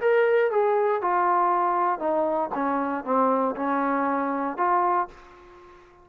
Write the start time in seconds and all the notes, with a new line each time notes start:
0.00 A#4
0.51 G#4
1.02 F4
1.99 D#4
2.54 C#4
3.04 C4
3.56 C#4
4.57 F4